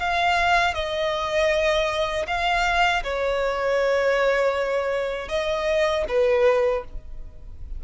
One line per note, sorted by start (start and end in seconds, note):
0.00 0.75 F5
0.75 2.26 D#5
2.28 3.03 F5
3.04 5.29 C#5
5.29 6.05 D#5
6.09 6.85 B4